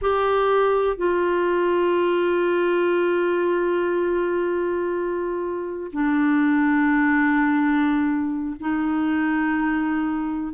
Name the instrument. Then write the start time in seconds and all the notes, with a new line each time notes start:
clarinet
0.01 G4
0.97 F4
5.92 D4
8.60 D#4